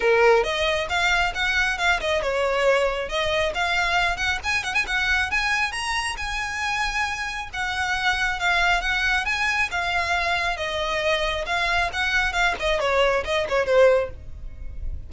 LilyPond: \new Staff \with { instrumentName = "violin" } { \time 4/4 \tempo 4 = 136 ais'4 dis''4 f''4 fis''4 | f''8 dis''8 cis''2 dis''4 | f''4. fis''8 gis''8 fis''16 gis''16 fis''4 | gis''4 ais''4 gis''2~ |
gis''4 fis''2 f''4 | fis''4 gis''4 f''2 | dis''2 f''4 fis''4 | f''8 dis''8 cis''4 dis''8 cis''8 c''4 | }